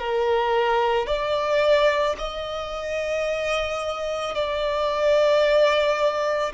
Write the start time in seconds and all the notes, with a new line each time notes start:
0.00 A#4
1.07 D5
2.19 D#5
4.35 D5